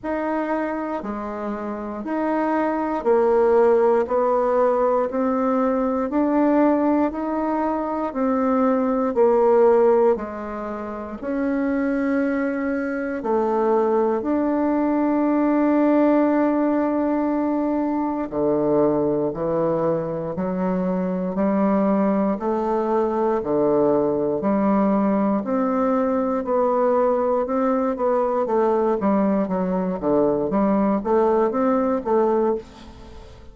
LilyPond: \new Staff \with { instrumentName = "bassoon" } { \time 4/4 \tempo 4 = 59 dis'4 gis4 dis'4 ais4 | b4 c'4 d'4 dis'4 | c'4 ais4 gis4 cis'4~ | cis'4 a4 d'2~ |
d'2 d4 e4 | fis4 g4 a4 d4 | g4 c'4 b4 c'8 b8 | a8 g8 fis8 d8 g8 a8 c'8 a8 | }